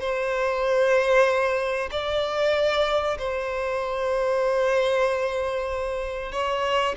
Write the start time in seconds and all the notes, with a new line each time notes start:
0.00 C5
1.91 D5
3.18 C5
6.32 C#5